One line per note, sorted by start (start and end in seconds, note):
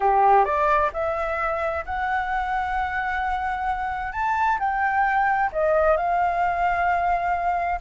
0.00 0.44 G4
0.44 0.90 D5
0.93 1.84 E5
1.85 4.12 F#5
4.12 4.58 A5
4.59 5.51 G5
5.52 5.96 D#5
5.96 7.80 F5